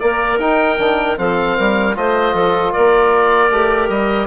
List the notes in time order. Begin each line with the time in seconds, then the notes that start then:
0.00 A#3 A#4 D5
0.40 D#4 G5
0.79 D#3 D4
1.17 F3 C4 A4 F5
1.57 G3 A#4
1.95 A3 F4 C5 D#5
2.34 F3 A4
2.73 A#3 A#4 D5
3.51 A3 G4
3.89 G3 D#5